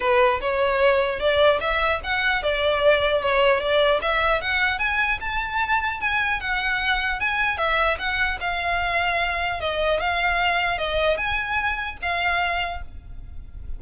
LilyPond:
\new Staff \with { instrumentName = "violin" } { \time 4/4 \tempo 4 = 150 b'4 cis''2 d''4 | e''4 fis''4 d''2 | cis''4 d''4 e''4 fis''4 | gis''4 a''2 gis''4 |
fis''2 gis''4 e''4 | fis''4 f''2. | dis''4 f''2 dis''4 | gis''2 f''2 | }